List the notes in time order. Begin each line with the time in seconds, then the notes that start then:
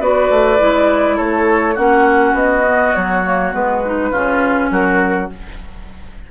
0.00 B3 F#4 B4 D5
0.30 A3
0.59 G#3 E4
1.17 A3 A4 C#5
1.75 A#3 C#4 F#4 F#5
2.33 B3 D#5
2.66 B3
2.95 F#3 C#5
3.25 A#3
3.52 G#3 B3 B4
3.85 D#4
4.11 C#3 C#4 F4
4.71 F#3 F#4 A#4